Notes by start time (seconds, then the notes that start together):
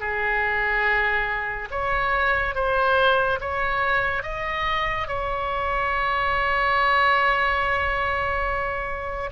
0.00 G#4
1.71 C#5
2.55 C5
3.41 C#5
4.23 D#5
5.08 C#5